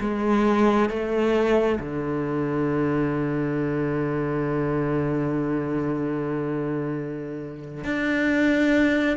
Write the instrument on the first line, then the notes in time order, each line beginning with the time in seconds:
cello
0.00 G#3
0.90 A3
1.80 D3
7.84 D4